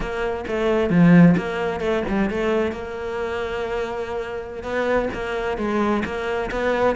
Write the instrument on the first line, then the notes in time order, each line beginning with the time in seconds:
cello
0.00 A#3
0.47 A3
0.90 F3
1.37 A#3
1.80 A3
2.08 G3
2.30 A3
2.72 A#3
4.63 B3
5.13 A#3
5.57 G#3
6.05 A#3
6.51 B3